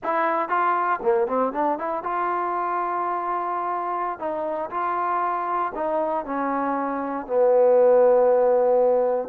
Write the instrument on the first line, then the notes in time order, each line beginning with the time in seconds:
trombone
0.03 E4
0.49 F4
1.02 A#3
1.27 C4
1.53 D4
1.78 E4
2.03 F4
4.19 D#4
4.70 F4
5.75 D#4
6.25 C#4
7.26 B3